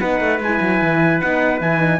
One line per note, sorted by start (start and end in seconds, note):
0.00 0.20 B3
0.00 0.41 D#4
0.00 2.00 B4
0.00 0.40 F#5
0.20 0.40 A3
0.40 0.60 G#3
0.40 1.22 E4
0.40 1.21 G#5
0.61 0.81 F#3
0.82 1.22 E3
1.21 1.61 B3
1.21 1.60 D#4
1.21 1.61 F#5
1.60 2.00 E3
1.60 1.78 E4
1.60 2.00 G#5
1.78 1.98 D#4